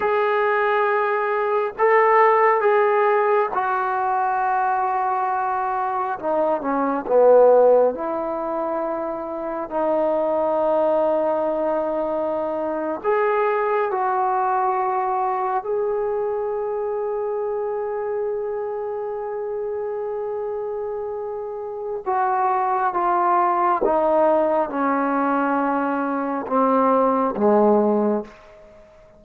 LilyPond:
\new Staff \with { instrumentName = "trombone" } { \time 4/4 \tempo 4 = 68 gis'2 a'4 gis'4 | fis'2. dis'8 cis'8 | b4 e'2 dis'4~ | dis'2~ dis'8. gis'4 fis'16~ |
fis'4.~ fis'16 gis'2~ gis'16~ | gis'1~ | gis'4 fis'4 f'4 dis'4 | cis'2 c'4 gis4 | }